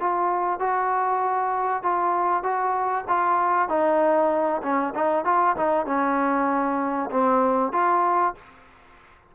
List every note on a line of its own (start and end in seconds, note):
0.00 0.60 F4
0.60 1.83 F#4
1.83 2.43 F4
2.43 3.05 F#4
3.08 3.69 F4
3.69 4.62 D#4
4.63 4.94 C#4
4.95 5.25 D#4
5.25 5.56 F4
5.56 5.86 D#4
5.86 7.10 C#4
7.11 7.73 C4
7.73 8.34 F4